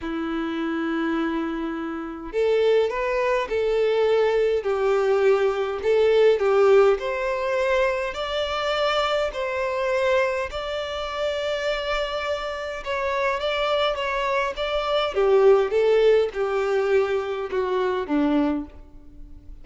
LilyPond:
\new Staff \with { instrumentName = "violin" } { \time 4/4 \tempo 4 = 103 e'1 | a'4 b'4 a'2 | g'2 a'4 g'4 | c''2 d''2 |
c''2 d''2~ | d''2 cis''4 d''4 | cis''4 d''4 g'4 a'4 | g'2 fis'4 d'4 | }